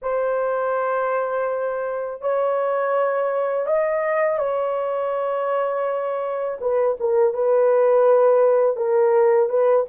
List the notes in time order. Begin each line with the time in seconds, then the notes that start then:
0.02 C5
2.21 C#5
3.66 D#5
4.38 C#5
6.61 B4
6.99 A#4
7.33 B4
8.76 A#4
9.49 B4